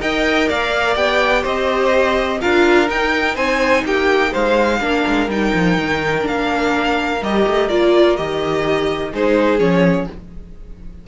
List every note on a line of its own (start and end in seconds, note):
0.00 0.49 D#4
0.00 0.96 A#4
0.00 0.48 D#5
0.00 0.49 G5
0.48 0.95 A#3
0.48 1.42 D5
0.48 0.95 F5
0.95 1.43 B3
0.95 2.40 G4
0.95 1.43 G5
1.42 2.41 C4
1.42 2.38 C5
1.42 2.41 D#5
2.41 2.90 D4
2.41 2.86 F4
2.41 3.35 A#4
2.41 2.89 F5
2.86 4.78 D#4
2.86 3.36 D#4
2.86 3.36 G5
3.35 3.84 C4
3.35 3.83 C5
3.35 3.84 G#5
3.84 4.32 A#3
3.84 4.31 G4
3.84 4.33 G5
4.31 4.80 G#3
4.31 4.79 C5
4.31 5.29 F5
4.79 5.04 A#3
4.79 5.28 D4
4.79 9.11 A#4
5.07 5.28 G#3
5.28 5.52 G3
5.28 6.21 D#4
5.28 6.26 G5
5.54 5.77 F3
5.77 6.25 D#3
6.21 7.21 A#3
6.21 7.17 D4
6.21 7.22 F5
7.21 7.45 G3
7.21 7.70 G4
7.21 7.68 D#5
7.46 7.70 A3
7.68 8.18 A#3
7.68 8.16 F4
7.68 8.16 D5
8.16 9.12 D#3
8.16 9.12 G4
8.16 9.12 D#5
9.11 9.58 G#3
9.11 9.59 D#4
9.11 10.07 G#4
9.11 9.59 C5
9.58 10.06 F3
9.58 10.07 C#4
9.58 10.07 C#5